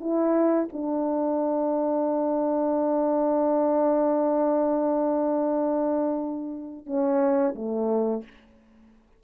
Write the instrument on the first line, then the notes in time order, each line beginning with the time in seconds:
horn
0.00 E4
0.73 D4
6.86 C#4
7.55 A3